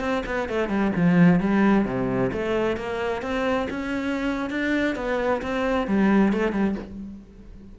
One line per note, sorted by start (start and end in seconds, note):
0.00 0.23 C4
0.26 0.49 B3
0.49 0.68 A3
0.68 0.91 G3
0.96 1.40 F3
1.40 1.85 G3
1.85 2.31 C3
2.32 2.77 A3
2.77 3.22 A#3
3.22 3.67 C4
3.70 4.50 C#4
4.50 4.95 D4
4.95 5.41 B3
5.42 5.87 C4
5.87 6.32 G3
6.32 6.52 A3
6.52 6.75 G3